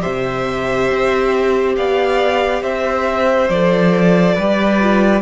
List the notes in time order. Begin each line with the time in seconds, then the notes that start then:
0.00 C3 G4 C5 E5
0.91 C4
1.76 B3 D5 F5
2.62 C4 C5 E5
3.49 F3 A4 D5
4.34 G3 G4 B4
4.81 F4